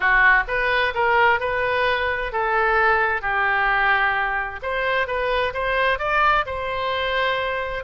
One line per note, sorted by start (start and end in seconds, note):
0.00 0.43 F#4
0.47 0.93 B4
0.94 1.40 A#4
1.40 2.32 B4
2.32 3.21 A4
3.21 4.60 G4
4.62 5.07 C5
5.07 5.53 B4
5.53 5.99 C5
5.99 6.45 D5
6.46 7.84 C5